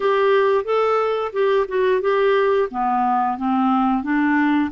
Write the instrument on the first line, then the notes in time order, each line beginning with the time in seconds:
clarinet
0.00 G4
0.64 A4
1.32 G4
1.68 F#4
2.01 G4
2.70 B3
3.37 C4
4.03 D4